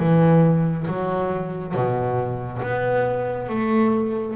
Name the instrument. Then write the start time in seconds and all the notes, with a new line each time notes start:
double bass
0.00 E3
0.88 F#3
1.75 B2
2.62 B3
3.49 A3